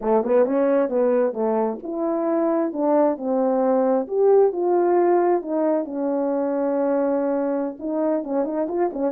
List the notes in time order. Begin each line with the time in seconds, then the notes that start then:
0.01 A3
0.24 B3
0.45 C#4
0.89 B3
1.33 A3
1.82 E4
2.72 D4
3.17 C4
4.07 G4
4.52 F4
5.42 D#4
5.85 C#4
7.79 D#4
8.23 C#4
8.44 D#4
8.68 F4
8.93 C#4